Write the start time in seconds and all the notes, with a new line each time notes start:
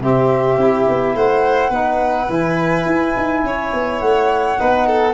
0.00 C3 C4 G4 E5
0.57 C4 E4
0.88 B3
1.15 A3 C5 F#5
1.70 B3 D#4 B4
2.30 E3 E4 G#5
2.86 E4
3.17 D#4
3.44 C#4 C#5
3.74 B3
4.00 A3 F#5
4.59 B3 D#4 B4
4.87 A4